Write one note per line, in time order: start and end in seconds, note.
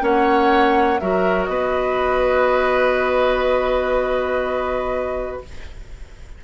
0.00 1.00 A#3
0.00 0.98 C#4
0.00 1.01 C#5
0.00 0.99 F#5
0.99 1.48 F#3
0.99 5.44 F#4
0.99 1.49 A#4
0.99 1.44 E5
1.44 5.41 B3
1.44 5.43 B4
1.44 5.38 D#5